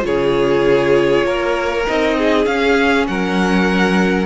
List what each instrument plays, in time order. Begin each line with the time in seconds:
0.00 cello C#3, viola F4, violin C#5
0.06 violin G#4
1.24 cello A#3, violin A#4
1.85 cello C4, viola D#4, violin D#5
2.17 violin G#4
2.45 cello C#4, viola C#4, violin F5
3.07 cello F#3, violin A#4 F#5